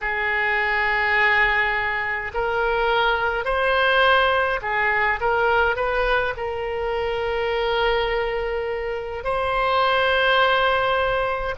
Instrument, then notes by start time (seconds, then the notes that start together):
oboe
0.01 G#4
2.33 A#4
3.44 C5
4.62 G#4
5.20 A#4
5.76 B4
6.36 A#4
9.24 C5